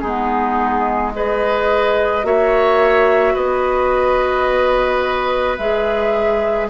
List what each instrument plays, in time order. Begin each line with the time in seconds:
0.00 bassoon G#3, clarinet B3, oboe D#4, flute G#4
1.12 clarinet G#4, oboe B4, flute D#5
2.23 bassoon A#3, clarinet F#4, oboe C#5, flute E5
3.34 bassoon B3, oboe B4, flute D#5
5.58 bassoon G#3, clarinet G#4, flute E5